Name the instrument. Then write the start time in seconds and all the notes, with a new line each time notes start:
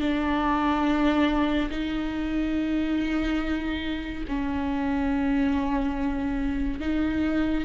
viola
0.00 D4
1.70 D#4
4.28 C#4
6.79 D#4